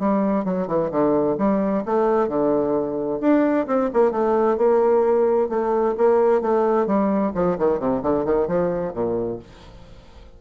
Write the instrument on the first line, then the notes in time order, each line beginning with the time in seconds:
bassoon
0.00 G3
0.45 F#3
0.68 E3
0.91 D3
1.38 G3
1.86 A3
2.29 D3
3.21 D4
3.67 C4
3.94 A#3
4.12 A3
4.58 A#3
5.50 A3
5.98 A#3
6.42 A3
6.87 G3
7.35 F3
7.59 D#3
7.80 C3
8.03 D3
8.25 D#3
8.48 F3
8.94 A#2